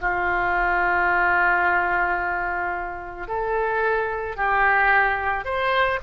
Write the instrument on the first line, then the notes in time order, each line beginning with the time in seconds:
oboe
0.00 F4
3.27 A4
4.36 G4
5.44 C5